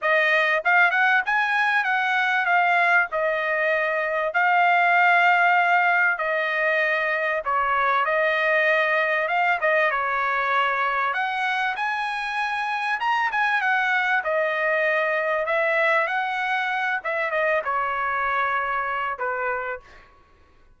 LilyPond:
\new Staff \with { instrumentName = "trumpet" } { \time 4/4 \tempo 4 = 97 dis''4 f''8 fis''8 gis''4 fis''4 | f''4 dis''2 f''4~ | f''2 dis''2 | cis''4 dis''2 f''8 dis''8 |
cis''2 fis''4 gis''4~ | gis''4 ais''8 gis''8 fis''4 dis''4~ | dis''4 e''4 fis''4. e''8 | dis''8 cis''2~ cis''8 b'4 | }